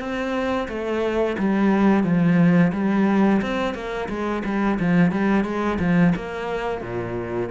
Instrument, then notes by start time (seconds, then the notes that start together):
cello
0.00 C4
0.69 A3
1.39 G3
2.04 F3
2.73 G3
3.42 C4
3.75 A#3
4.09 G#3
4.45 G3
4.80 F3
5.12 G3
5.45 G#3
5.80 F3
6.16 A#3
6.82 A#2